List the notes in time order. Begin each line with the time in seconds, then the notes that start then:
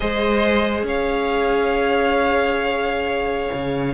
0.00 G#3 G#4 C5 D#5
0.82 C#4 C#5 F5
3.52 C#3